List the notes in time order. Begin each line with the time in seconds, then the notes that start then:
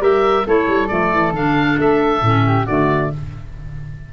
0.00 G3 G4 A#4 E5
0.46 A3 E4 A4 C#5
0.68 G3
0.88 F3 A3 D5
1.12 E3
1.32 D3 D4 F5
1.77 A3 E5
2.21 A2 C#4
2.46 G4
2.65 D3 A3 F#4 D5